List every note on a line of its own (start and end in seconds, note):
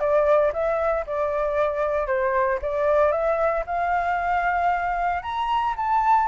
0.00 0.52 D5
0.53 1.05 E5
1.07 2.07 D5
2.07 2.59 C5
2.62 3.12 D5
3.12 3.64 E5
3.66 5.23 F5
5.23 5.75 A#5
5.77 6.28 A5